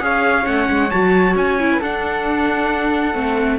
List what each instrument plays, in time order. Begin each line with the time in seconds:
0.00 cello C#4, viola G#4, flute C#5, trumpet F5
0.43 cello A3, viola C#4, trumpet F#5
0.69 cello G#3
0.90 cello F#3, viola F#4, trumpet A5
1.35 cello C#4, trumpet G#5
1.59 viola E4
1.72 flute B4
1.80 cello D4, viola D4, flute A4, trumpet F#5
3.13 cello A3, viola C4